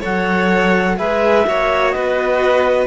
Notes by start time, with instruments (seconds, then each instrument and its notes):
0.00 cello F#3 A4, violin C#5, clarinet F#5
0.96 cello G#3 G#4, violin B4, clarinet E5
1.46 cello A#3 F#4, violin C#5
1.91 cello B3, violin B4, clarinet D#5